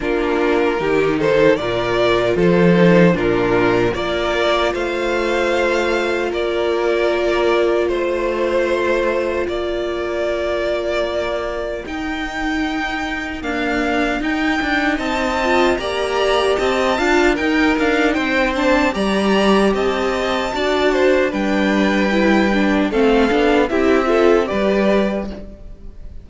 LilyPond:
<<
  \new Staff \with { instrumentName = "violin" } { \time 4/4 \tempo 4 = 76 ais'4. c''8 d''4 c''4 | ais'4 d''4 f''2 | d''2 c''2 | d''2. g''4~ |
g''4 f''4 g''4 a''4 | ais''4 a''4 g''8 f''8 g''8 a''8 | ais''4 a''2 g''4~ | g''4 f''4 e''4 d''4 | }
  \new Staff \with { instrumentName = "violin" } { \time 4/4 f'4 g'8 a'8 ais'4 a'4 | f'4 ais'4 c''2 | ais'2 c''2 | ais'1~ |
ais'2. dis''4 | d''4 dis''8 f''8 ais'4 c''4 | d''4 dis''4 d''8 c''8 b'4~ | b'4 a'4 g'8 a'8 b'4 | }
  \new Staff \with { instrumentName = "viola" } { \time 4/4 d'4 dis'4 f'4. dis'8 | d'4 f'2.~ | f'1~ | f'2. dis'4~ |
dis'4 ais4 dis'4. f'8 | g'4. f'8 dis'4. d'8 | g'2 fis'4 d'4 | e'8 d'8 c'8 d'8 e'8 f'8 g'4 | }
  \new Staff \with { instrumentName = "cello" } { \time 4/4 ais4 dis4 ais,4 f4 | ais,4 ais4 a2 | ais2 a2 | ais2. dis'4~ |
dis'4 d'4 dis'8 d'8 c'4 | ais4 c'8 d'8 dis'8 d'8 c'4 | g4 c'4 d'4 g4~ | g4 a8 b8 c'4 g4 | }
>>